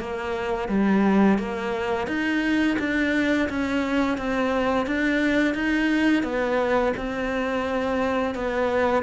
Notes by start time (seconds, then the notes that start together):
0.00 A#3
0.69 G3
1.39 A#3
2.07 D#4
2.79 D4
3.49 C#4
4.18 C4
4.87 D4
5.54 D#4
6.23 B3
6.97 C4
8.35 B3